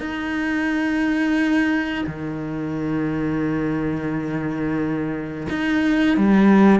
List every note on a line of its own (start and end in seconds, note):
0.00 2.05 D#4
2.06 5.47 D#3
5.49 6.17 D#4
6.17 6.80 G3